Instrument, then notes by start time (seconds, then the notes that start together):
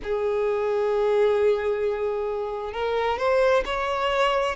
violin
0.03 G#4
2.73 A#4
3.18 C5
3.65 C#5